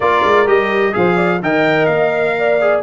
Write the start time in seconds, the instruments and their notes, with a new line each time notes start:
0.00 tuba A#3, trombone F4, horn A#4, trumpet D5
0.24 tuba G#3
0.46 tuba G3, trombone G4, trumpet D#5
0.92 tuba F3, trombone G#4, horn C5, trumpet F5
1.15 horn D5
1.42 tuba D#3, trombone A#4, horn D#5, trumpet G5
1.85 tuba A#3, trumpet F5
2.38 horn D5
2.61 trombone G#4